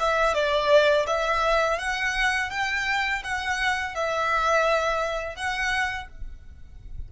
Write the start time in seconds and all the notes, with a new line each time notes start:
0.00 E5
0.34 D5
1.07 E5
1.79 F#5
2.50 G5
3.24 F#5
3.95 E5
5.36 F#5